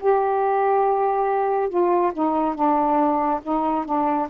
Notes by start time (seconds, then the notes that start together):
0.00 G4
1.69 F4
2.13 D#4
2.55 D4
3.43 D#4
3.85 D4